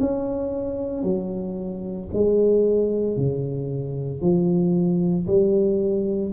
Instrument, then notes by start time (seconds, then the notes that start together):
tuba
0.00 C#4
1.03 F#3
2.13 G#3
3.17 C#3
4.22 F3
5.27 G3